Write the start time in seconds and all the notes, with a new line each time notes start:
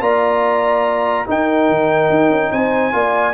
0.00 A#3 F4 D5 A#5
1.26 D#4 A#4 G5
1.69 D#3
2.10 D#4
2.30 C#4
2.52 C4 C5 G#5
2.92 A#3 F4 D5